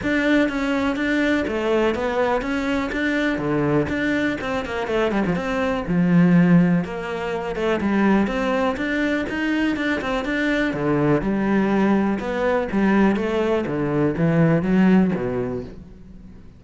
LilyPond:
\new Staff \with { instrumentName = "cello" } { \time 4/4 \tempo 4 = 123 d'4 cis'4 d'4 a4 | b4 cis'4 d'4 d4 | d'4 c'8 ais8 a8 g16 f16 c'4 | f2 ais4. a8 |
g4 c'4 d'4 dis'4 | d'8 c'8 d'4 d4 g4~ | g4 b4 g4 a4 | d4 e4 fis4 b,4 | }